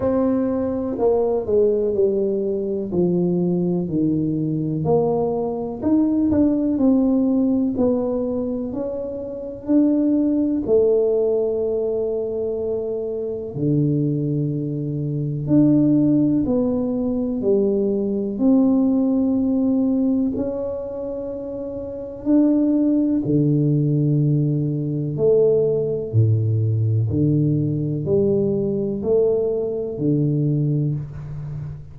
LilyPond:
\new Staff \with { instrumentName = "tuba" } { \time 4/4 \tempo 4 = 62 c'4 ais8 gis8 g4 f4 | dis4 ais4 dis'8 d'8 c'4 | b4 cis'4 d'4 a4~ | a2 d2 |
d'4 b4 g4 c'4~ | c'4 cis'2 d'4 | d2 a4 a,4 | d4 g4 a4 d4 | }